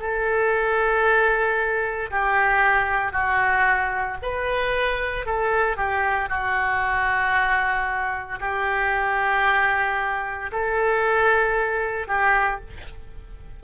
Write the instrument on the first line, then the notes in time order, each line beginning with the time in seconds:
oboe
0.00 A4
2.11 G4
3.12 F#4
4.22 B4
5.26 A4
5.77 G4
6.29 F#4
8.41 G4
10.52 A4
12.08 G4